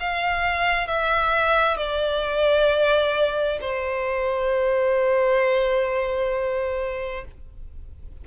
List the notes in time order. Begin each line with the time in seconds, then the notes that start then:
0.00 F5
0.88 E5
1.77 D5
3.61 C5